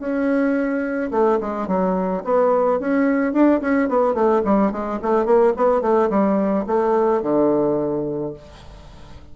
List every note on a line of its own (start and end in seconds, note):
0.00 1.11 C#4
1.11 1.39 A3
1.41 1.68 G#3
1.68 2.23 F#3
2.25 2.80 B3
2.80 3.33 C#4
3.33 3.61 D4
3.62 3.89 C#4
3.89 4.14 B3
4.14 4.42 A3
4.45 4.72 G3
4.72 5.00 G#3
5.03 5.26 A3
5.26 5.54 A#3
5.57 5.82 B3
5.82 6.10 A3
6.10 6.66 G3
6.67 7.23 A3
7.23 8.34 D3